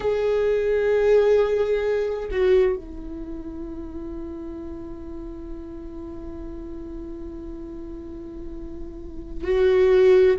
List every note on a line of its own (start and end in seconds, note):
0.00 2.29 G#4
2.31 2.76 F#4
2.76 9.44 E4
9.44 10.36 F#4